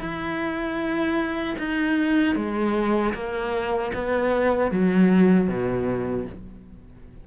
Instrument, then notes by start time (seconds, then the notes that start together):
cello
0.00 E4
1.59 D#4
2.36 G#3
3.14 A#3
3.94 B3
4.71 F#3
5.49 B2